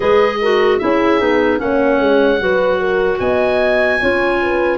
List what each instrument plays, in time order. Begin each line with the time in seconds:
0.00 tuba G#3, clarinet G#4, horn B4, oboe D#5
0.41 clarinet F#4, horn A#4
0.78 tuba C#4, clarinet E4, horn G#4, oboe E5
1.19 tuba B3, clarinet D#4
1.58 tuba A#3, clarinet C#4, horn C#5, oboe F#5
1.99 tuba G#3
2.39 tuba F#3, clarinet F#4, horn B4
2.79 horn A#4
3.19 tuba B3, horn D#5, oboe G#5
3.99 tuba C#4, clarinet F4, horn C#5
4.41 horn B4